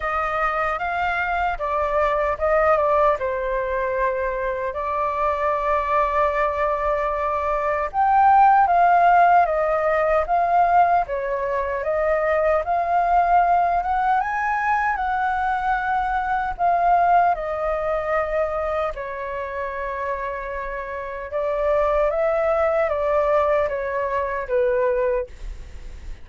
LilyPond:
\new Staff \with { instrumentName = "flute" } { \time 4/4 \tempo 4 = 76 dis''4 f''4 d''4 dis''8 d''8 | c''2 d''2~ | d''2 g''4 f''4 | dis''4 f''4 cis''4 dis''4 |
f''4. fis''8 gis''4 fis''4~ | fis''4 f''4 dis''2 | cis''2. d''4 | e''4 d''4 cis''4 b'4 | }